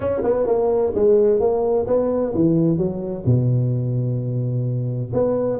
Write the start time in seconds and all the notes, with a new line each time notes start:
0.00 C#4
0.23 B3
0.46 A#3
0.95 G#3
1.40 A#3
1.86 B3
2.34 E3
2.77 F#3
3.25 B2
5.13 B3